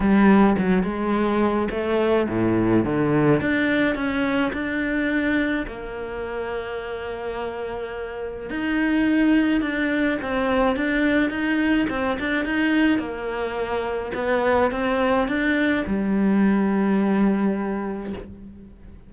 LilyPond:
\new Staff \with { instrumentName = "cello" } { \time 4/4 \tempo 4 = 106 g4 fis8 gis4. a4 | a,4 d4 d'4 cis'4 | d'2 ais2~ | ais2. dis'4~ |
dis'4 d'4 c'4 d'4 | dis'4 c'8 d'8 dis'4 ais4~ | ais4 b4 c'4 d'4 | g1 | }